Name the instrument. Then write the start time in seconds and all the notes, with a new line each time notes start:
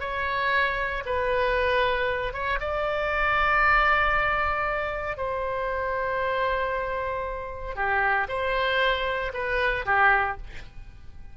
oboe
0.00 C#5
1.06 B4
2.33 C#5
2.60 D5
5.17 C5
7.75 G4
8.28 C5
9.33 B4
9.85 G4